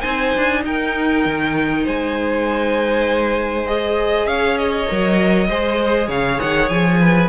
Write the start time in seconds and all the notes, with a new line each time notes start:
0.00 C4 D#4 C5 G#5
0.35 D4
0.65 D#4 A#4 G5
1.25 D#3
1.84 G#3 C5 G#5
3.67 G#4 D#5
4.26 C#4 C#5 F5
4.57 D#5
4.87 F#3 A#4
5.48 G#3 G#4 C5
6.07 C#3 C#5 F5
6.40 D#3 F#5
6.69 F3 G#5
7.01 B4